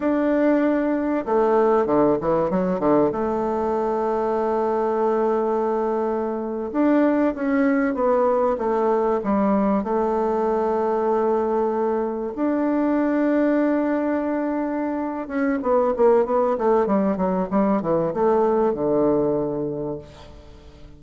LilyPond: \new Staff \with { instrumentName = "bassoon" } { \time 4/4 \tempo 4 = 96 d'2 a4 d8 e8 | fis8 d8 a2.~ | a2~ a8. d'4 cis'16~ | cis'8. b4 a4 g4 a16~ |
a2.~ a8. d'16~ | d'1~ | d'8 cis'8 b8 ais8 b8 a8 g8 fis8 | g8 e8 a4 d2 | }